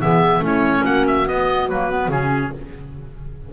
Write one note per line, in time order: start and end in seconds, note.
0.00 0.39 E3
0.00 0.41 B3
0.00 0.43 G#4
0.00 0.43 E5
0.39 0.82 A3
0.39 1.26 C#4
0.39 0.83 E4
0.46 0.85 C#5
0.83 1.27 A#3
0.83 2.52 F#4
0.83 1.06 F#5
1.07 1.28 E5
1.27 1.69 B3
1.27 1.69 D#5
1.69 2.08 F#3
1.69 1.90 A#3
1.69 2.10 B4
1.90 2.10 B3
2.08 2.51 C#3
2.08 2.52 C#4
2.08 2.53 G#4